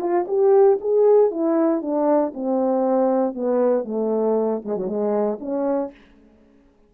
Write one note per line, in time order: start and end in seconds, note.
0.00 0.26 F4
0.28 0.79 G4
0.81 1.31 G#4
1.31 1.82 E4
1.82 2.33 D4
2.34 3.35 C4
3.35 3.85 B3
3.85 4.62 A3
4.65 4.76 G#3
4.76 4.87 F#3
4.87 5.38 G#3
5.40 5.91 C#4